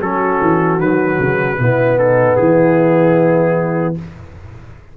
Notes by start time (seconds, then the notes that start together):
0.00 F#3 C#4 F#4 A4
0.41 E3
0.78 D#3 F#3 B4
1.19 C#3
1.58 B2 B3 E4
1.97 D#4 A4
2.36 E3 E4 G#4